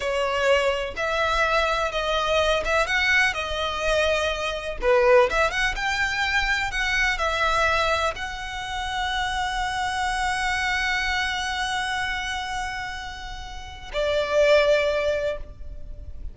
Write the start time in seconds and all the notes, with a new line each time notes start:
0.00 C#5
0.96 E5
1.91 D#5
2.64 E5
2.86 F#5
3.33 D#5
4.81 B4
5.30 E5
5.50 F#5
5.75 G5
6.71 F#5
7.18 E5
8.15 F#5
13.93 D5